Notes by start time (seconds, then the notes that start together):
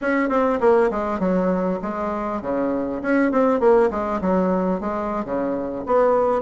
0.01 C#4
0.29 C4
0.60 A#3
0.91 G#3
1.19 F#3
1.82 G#3
2.41 C#3
3.02 C#4
3.31 C4
3.60 A#3
3.90 G#3
4.21 F#3
4.80 G#3
5.24 C#3
5.86 B3